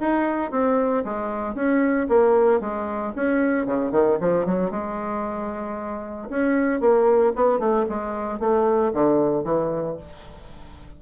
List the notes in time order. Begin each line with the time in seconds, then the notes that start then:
0.00 D#4
0.51 C4
1.04 G#3
1.55 C#4
2.09 A#3
2.61 G#3
3.16 C#4
3.66 C#3
3.92 D#3
4.20 F3
4.46 F#3
4.71 G#3
6.29 C#4
6.80 A#3
7.36 B3
7.59 A3
7.89 G#3
8.39 A3
8.93 D3
9.44 E3